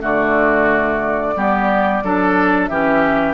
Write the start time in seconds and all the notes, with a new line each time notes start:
0.00 D3 A3 F#4 D5
1.36 G3 B3 G4
2.03 F#3 D4 A4
2.67 E3 C#4 G4 E5